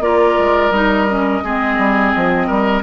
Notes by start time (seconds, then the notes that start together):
0.00 A#3 F4 A#4 D5
0.38 G#3
0.70 G3 D#4 D#5
1.08 C#4
1.43 G#3 C4 G#4
1.77 G3
2.15 F3
2.46 G3 A#4